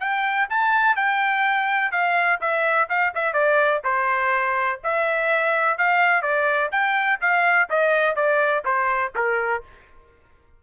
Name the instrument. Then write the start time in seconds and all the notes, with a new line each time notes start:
trumpet
0.00 G5
0.50 A5
0.96 G5
1.92 F5
2.40 E5
2.89 F5
3.14 E5
3.33 D5
3.84 C5
4.83 E5
5.78 F5
6.22 D5
6.72 G5
7.21 F5
7.70 D#5
8.16 D5
8.64 C5
9.15 A#4